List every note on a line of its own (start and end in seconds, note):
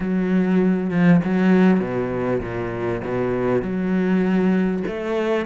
0.00 0.90 F#3
0.90 1.20 F3
1.24 1.79 F#3
1.79 2.40 B2
2.40 3.01 A#2
3.04 3.61 B2
3.61 4.83 F#3
4.87 5.46 A3